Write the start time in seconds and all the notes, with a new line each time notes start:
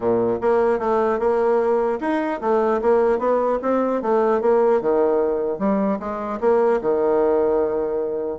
0.00 A#2
0.41 A#3
0.79 A3
1.19 A#3
2.00 D#4
2.41 A3
2.81 A#3
3.19 B3
3.61 C4
4.01 A3
4.41 A#3
4.81 D#3
5.58 G3
5.99 G#3
6.40 A#3
6.81 D#3